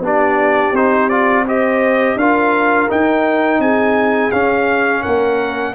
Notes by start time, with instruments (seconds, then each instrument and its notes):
0.00 tuba B3, trombone D4, horn G4
0.06 trumpet D5
0.72 tuba C4, trombone D#4, trumpet C5
1.09 trombone F4, trumpet D5
1.47 trombone G4, horn C5, trumpet D#5
2.16 tuba D4, trombone F4, horn A#4, trumpet F5
2.89 trombone D#4, tuba D#4, trumpet G5
3.59 tuba C4, horn G#4, trumpet G#5
4.32 tuba C#4, trombone C#4, trumpet F5
5.02 tuba A#3, horn A#4, trumpet F#5